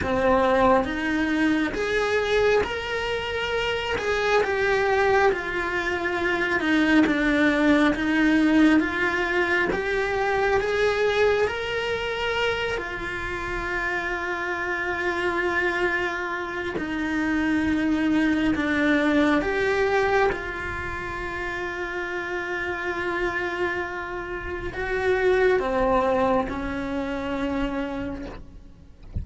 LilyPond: \new Staff \with { instrumentName = "cello" } { \time 4/4 \tempo 4 = 68 c'4 dis'4 gis'4 ais'4~ | ais'8 gis'8 g'4 f'4. dis'8 | d'4 dis'4 f'4 g'4 | gis'4 ais'4. f'4.~ |
f'2. dis'4~ | dis'4 d'4 g'4 f'4~ | f'1 | fis'4 c'4 cis'2 | }